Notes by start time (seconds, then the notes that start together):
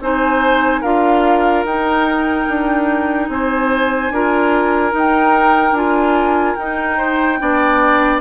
0.00 C4 D#4 C5 G#5
0.81 D4 F4 A#4 F5
1.64 D#4 G5
2.48 D4
3.28 C4 C5 G#5
4.10 D4 F4 A#4
4.91 D#4
4.97 G5
5.72 D4 F4 G#5
6.55 D#4 G5
6.97 C5
7.39 B3 D4 D5